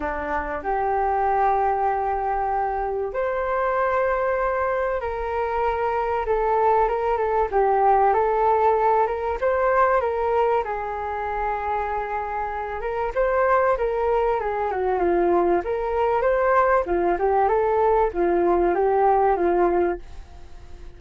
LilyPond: \new Staff \with { instrumentName = "flute" } { \time 4/4 \tempo 4 = 96 d'4 g'2.~ | g'4 c''2. | ais'2 a'4 ais'8 a'8 | g'4 a'4. ais'8 c''4 |
ais'4 gis'2.~ | gis'8 ais'8 c''4 ais'4 gis'8 fis'8 | f'4 ais'4 c''4 f'8 g'8 | a'4 f'4 g'4 f'4 | }